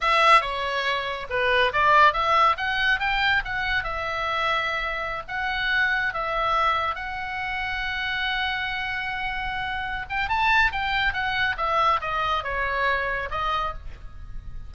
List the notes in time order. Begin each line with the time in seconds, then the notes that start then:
0.01 E5
0.41 C#5
1.29 B4
1.73 D5
2.13 E5
2.57 F#5
2.99 G5
3.44 F#5
3.83 E5
5.28 F#5
6.13 E5
6.95 F#5
10.09 G5
10.29 A5
10.72 G5
11.13 F#5
11.57 E5
12.00 D#5
12.43 C#5
13.31 D#5